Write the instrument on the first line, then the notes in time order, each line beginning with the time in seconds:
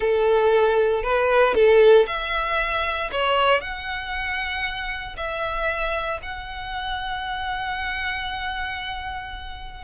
violin
0.00 A4
1.03 B4
1.54 A4
2.06 E5
3.11 C#5
3.61 F#5
5.16 E5
6.22 F#5